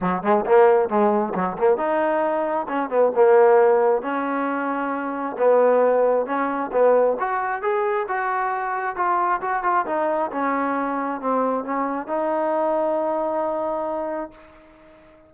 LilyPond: \new Staff \with { instrumentName = "trombone" } { \time 4/4 \tempo 4 = 134 fis8 gis8 ais4 gis4 fis8 ais8 | dis'2 cis'8 b8 ais4~ | ais4 cis'2. | b2 cis'4 b4 |
fis'4 gis'4 fis'2 | f'4 fis'8 f'8 dis'4 cis'4~ | cis'4 c'4 cis'4 dis'4~ | dis'1 | }